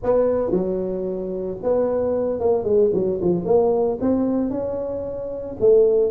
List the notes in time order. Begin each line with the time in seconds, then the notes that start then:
0.03 B3
0.51 F#3
1.62 B3
2.39 A#3
2.64 G#3
2.93 F#3
3.21 F3
3.45 A#3
4.01 C4
4.50 C#4
5.59 A3